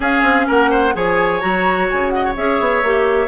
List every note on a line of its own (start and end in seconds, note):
0.00 0.22 C#4
0.00 0.93 C#4
0.00 0.46 G#4
0.00 0.49 F5
0.22 0.46 C4
0.47 0.95 A#3
0.47 0.70 A#4
0.47 0.95 F#5
0.70 0.94 C5
0.93 1.42 F3
0.93 1.40 G#4
0.93 2.13 C#5
0.93 1.40 G#5
1.40 1.90 F#3
1.40 2.35 F#4
1.40 1.87 A#5
1.90 2.36 C#3
1.90 2.10 G#5
2.10 2.24 D#5
2.10 2.33 F#5
2.24 3.27 C#5
2.36 2.60 C#4
2.36 2.83 G#4
2.36 3.27 E5
2.60 2.82 B3
2.82 3.27 A#3
2.82 3.27 G4